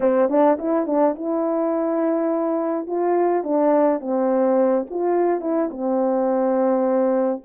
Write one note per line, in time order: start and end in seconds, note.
0.00 0.29 C4
0.29 0.57 D4
0.59 0.86 E4
0.86 1.15 D4
1.15 2.86 E4
2.86 3.43 F4
3.43 4.00 D4
4.00 4.86 C4
4.90 5.41 F4
5.41 5.69 E4
5.70 7.42 C4